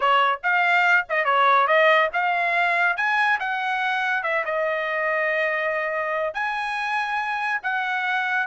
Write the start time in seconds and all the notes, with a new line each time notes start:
0.00 C#5
0.43 F5
1.09 D#5
1.24 C#5
1.67 D#5
2.13 F5
2.96 G#5
3.39 F#5
4.23 E5
4.45 D#5
6.34 G#5
7.62 F#5